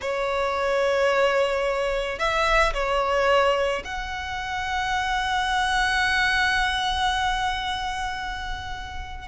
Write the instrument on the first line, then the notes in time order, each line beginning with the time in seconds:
violin
0.01 C#5
2.18 E5
2.73 C#5
3.84 F#5